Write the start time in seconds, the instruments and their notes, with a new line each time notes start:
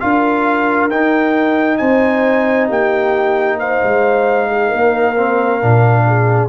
0.00 tuba D4, trombone F4, horn A#4, trumpet F5
0.90 tuba D#4, trombone D#4, trumpet G5
1.78 tuba C4, horn C5, trumpet G#5
2.68 tuba A#3, horn G4, trumpet G5
3.59 horn C5, trumpet F5
3.84 tuba G#3
4.49 horn G#4
4.69 tuba A#3, horn A#4
5.17 trombone C4
5.61 tuba A#2, trombone D4
6.07 horn G#4